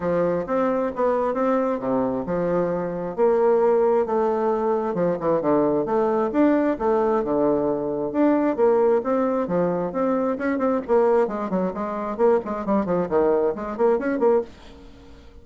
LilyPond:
\new Staff \with { instrumentName = "bassoon" } { \time 4/4 \tempo 4 = 133 f4 c'4 b4 c'4 | c4 f2 ais4~ | ais4 a2 f8 e8 | d4 a4 d'4 a4 |
d2 d'4 ais4 | c'4 f4 c'4 cis'8 c'8 | ais4 gis8 fis8 gis4 ais8 gis8 | g8 f8 dis4 gis8 ais8 cis'8 ais8 | }